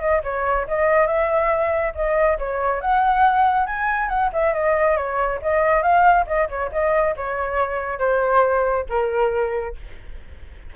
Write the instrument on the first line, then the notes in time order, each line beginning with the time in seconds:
flute
0.00 D#5
0.23 C#5
0.67 D#5
1.07 E5
1.95 D#5
2.38 C#5
2.81 F#5
3.66 G#5
4.08 F#5
4.32 E5
4.53 D#5
4.96 C#5
5.42 D#5
5.82 F5
6.26 D#5
6.49 C#5
6.72 D#5
7.16 C#5
7.99 C5
8.89 A#4